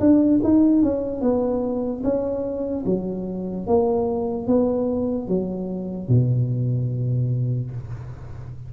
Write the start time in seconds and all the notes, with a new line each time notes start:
0.00 D4
0.43 D#4
0.83 C#4
1.21 B3
2.03 C#4
2.86 F#3
3.67 A#3
4.47 B3
5.28 F#3
6.08 B2